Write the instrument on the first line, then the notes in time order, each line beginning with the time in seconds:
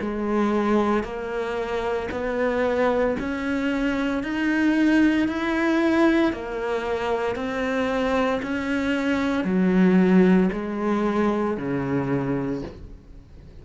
cello
0.00 G#3
1.03 A#3
2.11 B3
3.19 C#4
4.23 D#4
5.28 E4
6.33 A#3
7.35 C4
8.42 C#4
9.44 F#3
10.52 G#3
11.57 C#3